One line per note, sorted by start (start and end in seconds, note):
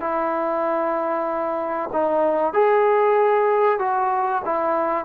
0.00 1.89 E4
1.92 2.53 D#4
2.53 3.79 G#4
3.79 4.42 F#4
4.44 5.04 E4